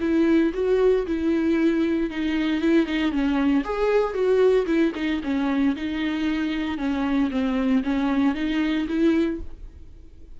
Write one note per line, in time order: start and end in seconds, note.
0.00 0.52 E4
0.54 1.06 F#4
1.06 2.10 E4
2.10 2.61 D#4
2.61 2.86 E4
2.86 3.11 D#4
3.11 3.64 C#4
3.64 4.13 G#4
4.13 4.66 F#4
4.66 4.92 E4
4.95 5.21 D#4
5.23 5.75 C#4
5.75 6.78 D#4
6.78 7.30 C#4
7.30 7.83 C4
7.83 8.34 C#4
8.34 8.86 D#4
8.88 9.40 E4